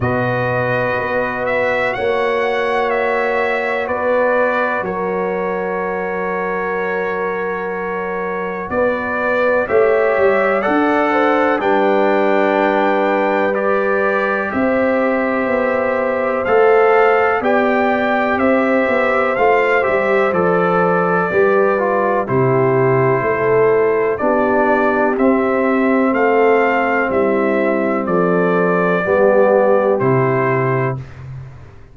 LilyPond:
<<
  \new Staff \with { instrumentName = "trumpet" } { \time 4/4 \tempo 4 = 62 dis''4. e''8 fis''4 e''4 | d''4 cis''2.~ | cis''4 d''4 e''4 fis''4 | g''2 d''4 e''4~ |
e''4 f''4 g''4 e''4 | f''8 e''8 d''2 c''4~ | c''4 d''4 e''4 f''4 | e''4 d''2 c''4 | }
  \new Staff \with { instrumentName = "horn" } { \time 4/4 b'2 cis''2 | b'4 ais'2.~ | ais'4 b'4 cis''4 d''8 c''8 | b'2. c''4~ |
c''2 d''4 c''4~ | c''2 b'4 g'4 | a'4 g'2 a'4 | e'4 a'4 g'2 | }
  \new Staff \with { instrumentName = "trombone" } { \time 4/4 fis'1~ | fis'1~ | fis'2 g'4 a'4 | d'2 g'2~ |
g'4 a'4 g'2 | f'8 g'8 a'4 g'8 f'8 e'4~ | e'4 d'4 c'2~ | c'2 b4 e'4 | }
  \new Staff \with { instrumentName = "tuba" } { \time 4/4 b,4 b4 ais2 | b4 fis2.~ | fis4 b4 a8 g8 d'4 | g2. c'4 |
b4 a4 b4 c'8 b8 | a8 g8 f4 g4 c4 | a4 b4 c'4 a4 | g4 f4 g4 c4 | }
>>